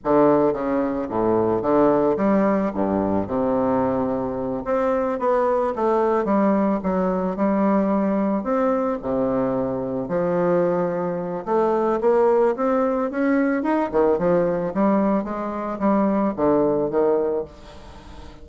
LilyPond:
\new Staff \with { instrumentName = "bassoon" } { \time 4/4 \tempo 4 = 110 d4 cis4 a,4 d4 | g4 g,4 c2~ | c8 c'4 b4 a4 g8~ | g8 fis4 g2 c'8~ |
c'8 c2 f4.~ | f4 a4 ais4 c'4 | cis'4 dis'8 dis8 f4 g4 | gis4 g4 d4 dis4 | }